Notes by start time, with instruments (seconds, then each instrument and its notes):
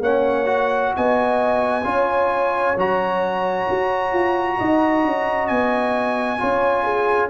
0.00 tuba A#3, trombone C#4, horn C#5, trumpet F#5
0.46 trombone F#4
0.96 tuba B3, horn D#5, trumpet G#5
1.84 tuba C#4, trombone F4, horn C#5
2.77 tuba F#3, trombone F#4, trumpet A#5
3.70 tuba F#4
4.12 tuba F4
4.58 tuba D#4, horn D#5
5.04 tuba C#4
5.48 tuba B3, trumpet G#5
6.38 tuba C#4, trombone F4, horn C#5
6.84 horn G#4